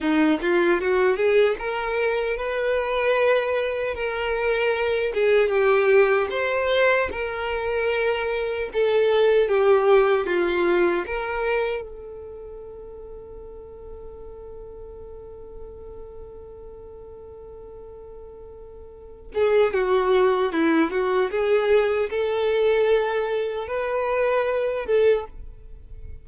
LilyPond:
\new Staff \with { instrumentName = "violin" } { \time 4/4 \tempo 4 = 76 dis'8 f'8 fis'8 gis'8 ais'4 b'4~ | b'4 ais'4. gis'8 g'4 | c''4 ais'2 a'4 | g'4 f'4 ais'4 a'4~ |
a'1~ | a'1~ | a'8 gis'8 fis'4 e'8 fis'8 gis'4 | a'2 b'4. a'8 | }